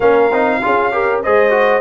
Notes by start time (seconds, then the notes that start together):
0.00 A#3 C#4 A#4 F5
0.31 C4 D#4
0.61 C#4 F4 G#4
0.91 G4 A#4
1.22 G#3 G#4 C5 D#5
1.50 F#4